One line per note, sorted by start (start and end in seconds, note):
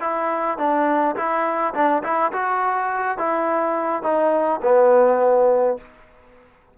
0.00 0.57 E4
0.57 1.15 D4
1.16 1.73 E4
1.74 2.02 D4
2.03 2.32 E4
2.32 3.18 F#4
3.18 4.03 E4
4.03 4.60 D#4
4.62 5.77 B3